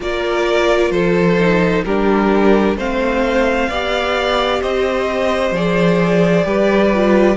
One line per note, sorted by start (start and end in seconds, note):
0.00 0.91 A#3
0.00 1.37 F4
0.00 0.92 A#4
0.00 0.91 D5
0.91 1.83 F3
0.91 1.84 A4
0.91 1.83 C5
1.39 1.85 D#4
1.84 2.76 G3
1.84 2.78 D4
1.84 2.77 G4
1.84 2.77 A#4
2.76 3.68 A3
2.76 3.70 C4
2.76 3.69 C5
2.76 4.62 F5
3.68 4.61 B3
3.68 5.55 G4
3.68 4.61 D5
4.61 5.51 C4
4.61 6.45 C5
4.61 5.54 D#5
5.51 6.43 F3
5.51 6.44 G#4
5.51 7.37 D5
6.44 7.37 G3
6.44 6.90 G4
6.44 7.37 B4
6.94 7.37 F4